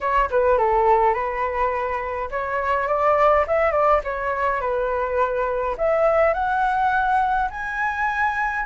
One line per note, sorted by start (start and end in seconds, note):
0.00 0.29 C#5
0.30 0.58 B4
0.58 1.14 A4
1.14 2.29 B4
2.30 2.87 C#5
2.87 3.45 D5
3.47 3.71 E5
3.71 4.00 D5
4.04 4.60 C#5
4.60 5.76 B4
5.77 6.33 E5
6.33 7.49 F#5
7.50 8.65 G#5